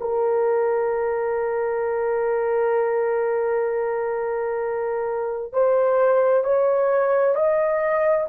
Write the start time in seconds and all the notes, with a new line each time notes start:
0.00 A#4
5.53 C5
6.44 C#5
7.35 D#5